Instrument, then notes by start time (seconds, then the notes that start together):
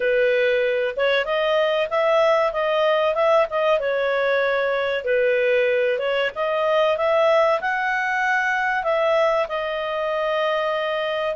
clarinet
0.00 B4
0.96 C#5
1.25 D#5
1.90 E5
2.53 D#5
3.14 E5
3.50 D#5
3.79 C#5
5.04 B4
5.99 C#5
6.35 D#5
6.97 E5
7.60 F#5
8.83 E5
9.48 D#5